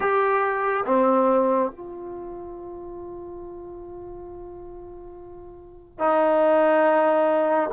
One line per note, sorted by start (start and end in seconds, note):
0.00 0.84 G4
0.85 1.71 C4
1.71 5.98 F4
5.98 7.70 D#4